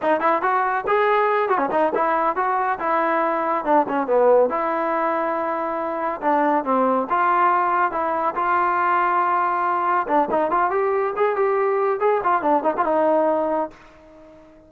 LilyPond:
\new Staff \with { instrumentName = "trombone" } { \time 4/4 \tempo 4 = 140 dis'8 e'8 fis'4 gis'4. fis'16 cis'16 | dis'8 e'4 fis'4 e'4.~ | e'8 d'8 cis'8 b4 e'4.~ | e'2~ e'8 d'4 c'8~ |
c'8 f'2 e'4 f'8~ | f'2.~ f'8 d'8 | dis'8 f'8 g'4 gis'8 g'4. | gis'8 f'8 d'8 dis'16 f'16 dis'2 | }